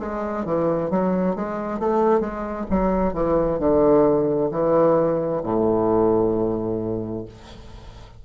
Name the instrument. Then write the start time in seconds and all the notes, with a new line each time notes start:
bassoon
0.00 G#3
0.45 E3
0.91 F#3
1.36 G#3
1.80 A3
2.20 G#3
2.71 F#3
3.14 E3
3.60 D3
4.52 E3
5.43 A2